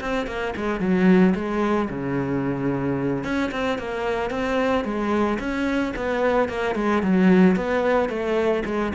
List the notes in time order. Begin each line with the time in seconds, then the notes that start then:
0.00 C4
0.27 A#3
0.56 G#3
0.80 F#3
1.35 G#3
1.89 C#3
3.24 C#4
3.51 C4
3.78 A#3
4.30 C4
4.84 G#3
5.39 C#4
5.96 B3
6.49 A#3
6.75 G#3
7.02 F#3
7.56 B3
8.09 A3
8.65 G#3